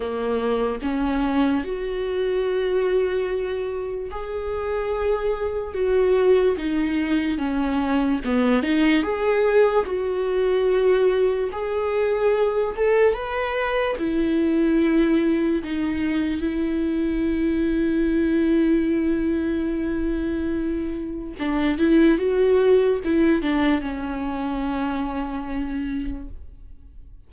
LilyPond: \new Staff \with { instrumentName = "viola" } { \time 4/4 \tempo 4 = 73 ais4 cis'4 fis'2~ | fis'4 gis'2 fis'4 | dis'4 cis'4 b8 dis'8 gis'4 | fis'2 gis'4. a'8 |
b'4 e'2 dis'4 | e'1~ | e'2 d'8 e'8 fis'4 | e'8 d'8 cis'2. | }